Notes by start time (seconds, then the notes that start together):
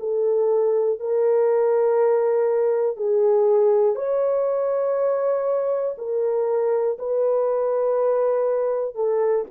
0.00 A4
1.00 A#4
2.96 G#4
3.95 C#5
5.98 A#4
6.98 B4
8.95 A4